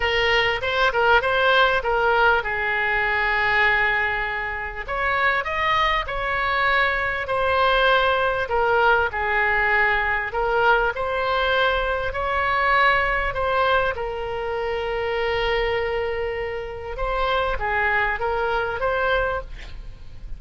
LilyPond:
\new Staff \with { instrumentName = "oboe" } { \time 4/4 \tempo 4 = 99 ais'4 c''8 ais'8 c''4 ais'4 | gis'1 | cis''4 dis''4 cis''2 | c''2 ais'4 gis'4~ |
gis'4 ais'4 c''2 | cis''2 c''4 ais'4~ | ais'1 | c''4 gis'4 ais'4 c''4 | }